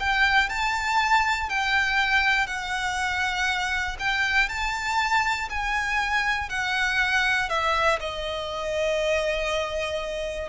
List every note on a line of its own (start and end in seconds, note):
0.00 0.50 G5
0.50 1.49 A5
1.49 2.47 G5
2.47 3.97 F#5
3.99 4.49 G5
4.49 5.49 A5
5.50 6.49 G#5
6.49 7.49 F#5
7.50 8.00 E5
8.00 10.49 D#5